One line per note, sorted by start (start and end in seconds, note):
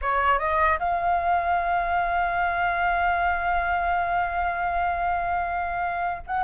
0.01 0.38 C#5
0.38 0.79 D#5
0.79 6.22 F5
6.26 6.43 F#5